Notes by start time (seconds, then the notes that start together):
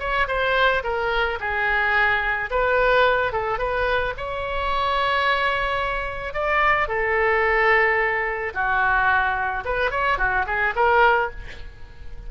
0.00 C#5
0.28 C5
0.84 A#4
1.40 G#4
2.51 B4
3.33 A4
3.59 B4
4.17 C#5
6.34 D5
6.88 A4
8.54 F#4
9.65 B4
9.91 C#5
10.19 F#4
10.47 G#4
10.76 A#4